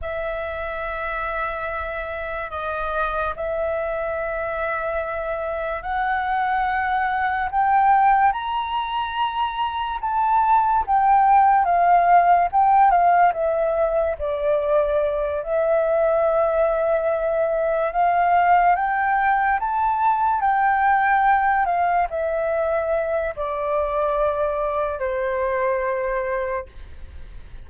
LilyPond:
\new Staff \with { instrumentName = "flute" } { \time 4/4 \tempo 4 = 72 e''2. dis''4 | e''2. fis''4~ | fis''4 g''4 ais''2 | a''4 g''4 f''4 g''8 f''8 |
e''4 d''4. e''4.~ | e''4. f''4 g''4 a''8~ | a''8 g''4. f''8 e''4. | d''2 c''2 | }